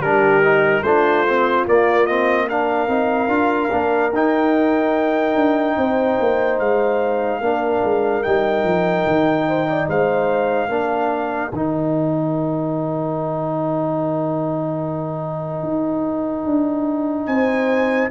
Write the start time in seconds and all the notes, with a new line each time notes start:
0.00 G3 D4 G4 A#4
0.43 D#4
0.82 A3 D4 F4 C5
1.28 C4
1.67 A#3 D5
2.06 C4 D#5
2.47 D4 A#4 F5
2.87 C4 D#4
3.28 D4 F4
3.71 A#3 D4
4.12 D#4 G5
5.35 D4
5.77 C4 C5
6.20 A#3
6.59 G#3 F5
7.40 A#3 D4 A#4
7.84 G#3
8.23 G3 D#4 G5
8.64 F3
9.06 D#3
9.47 C5
9.68 D5
9.88 G#3 C5 F5
10.68 A#3 D4 A#4
11.52 D#3 D#4 G5
15.63 D#4
16.45 D4
17.26 C4 C5 G#5